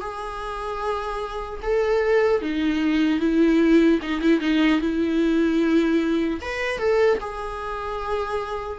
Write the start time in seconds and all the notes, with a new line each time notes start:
0.00 G#4
1.62 A4
2.41 D#4
3.19 E4
4.02 D#4
4.20 E4
4.40 D#4
4.80 E4
6.41 B4
6.78 A4
7.20 G#4